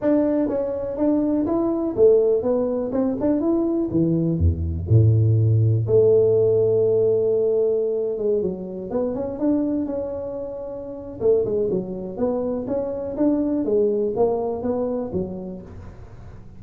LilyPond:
\new Staff \with { instrumentName = "tuba" } { \time 4/4 \tempo 4 = 123 d'4 cis'4 d'4 e'4 | a4 b4 c'8 d'8 e'4 | e4 e,4 a,2 | a1~ |
a8. gis8 fis4 b8 cis'8 d'8.~ | d'16 cis'2~ cis'8. a8 gis8 | fis4 b4 cis'4 d'4 | gis4 ais4 b4 fis4 | }